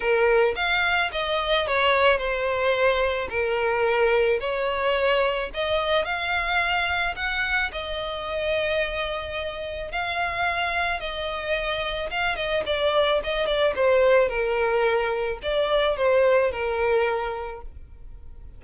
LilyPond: \new Staff \with { instrumentName = "violin" } { \time 4/4 \tempo 4 = 109 ais'4 f''4 dis''4 cis''4 | c''2 ais'2 | cis''2 dis''4 f''4~ | f''4 fis''4 dis''2~ |
dis''2 f''2 | dis''2 f''8 dis''8 d''4 | dis''8 d''8 c''4 ais'2 | d''4 c''4 ais'2 | }